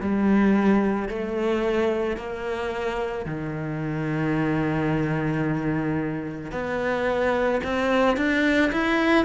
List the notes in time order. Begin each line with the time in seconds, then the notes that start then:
0.00 G3
1.09 A3
2.16 A#3
3.25 D#3
6.51 B3
7.63 C4
8.16 D4
8.72 E4